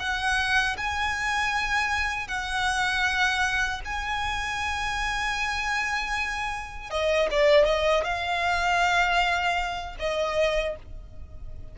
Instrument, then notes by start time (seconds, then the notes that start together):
violin
0.00 F#5
0.78 G#5
2.28 F#5
3.85 G#5
6.91 D#5
7.31 D5
7.66 D#5
8.04 F5
9.99 D#5